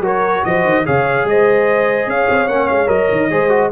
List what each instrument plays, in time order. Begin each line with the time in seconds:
0.00 tuba F#3, trombone F#4, horn A#4, trumpet C#5
0.44 tuba F3, horn C5, trumpet D#5
0.64 tuba D#3
0.85 tuba C#3, trombone G#4, horn C#5, trumpet F5
1.24 tuba G#3, horn C5, trumpet D#5
2.06 tuba C#4, horn C#5, trumpet F5
2.29 tuba C4
2.47 tuba A#3, trombone C#4, trumpet F#5
2.68 tuba G#3, trumpet F5
2.86 tuba F#3, trombone A#4, trumpet D#5
3.11 tuba D#3
3.30 tuba G#3, trombone G#4, horn C5
3.49 trombone F#4